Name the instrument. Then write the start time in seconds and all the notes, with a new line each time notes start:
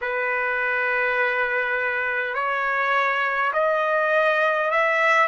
trumpet
0.01 B4
2.34 C#5
3.53 D#5
4.71 E5